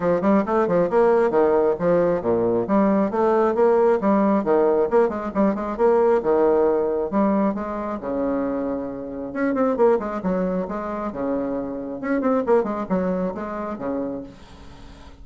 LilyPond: \new Staff \with { instrumentName = "bassoon" } { \time 4/4 \tempo 4 = 135 f8 g8 a8 f8 ais4 dis4 | f4 ais,4 g4 a4 | ais4 g4 dis4 ais8 gis8 | g8 gis8 ais4 dis2 |
g4 gis4 cis2~ | cis4 cis'8 c'8 ais8 gis8 fis4 | gis4 cis2 cis'8 c'8 | ais8 gis8 fis4 gis4 cis4 | }